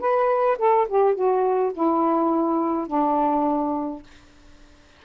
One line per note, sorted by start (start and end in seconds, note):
0.00 0.58 B4
0.58 0.87 A4
0.88 1.15 G4
1.15 1.72 F#4
1.74 2.87 E4
2.87 4.03 D4